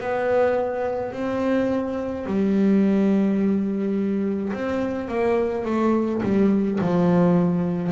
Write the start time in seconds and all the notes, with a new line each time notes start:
0.00 B3
1.13 C4
2.26 G3
4.53 C4
5.08 A#3
5.65 A3
6.23 G3
6.81 F3